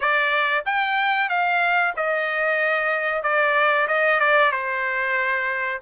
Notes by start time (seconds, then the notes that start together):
0.00 D5
0.65 G5
1.29 F5
1.96 D#5
3.22 D5
3.87 D#5
4.20 D5
4.51 C5